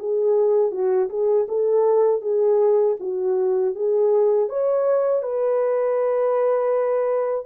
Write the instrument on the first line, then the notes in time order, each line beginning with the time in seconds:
horn
0.00 G#4
0.72 F#4
1.10 G#4
1.49 A4
2.22 G#4
3.00 F#4
3.75 G#4
4.50 C#5
5.23 B4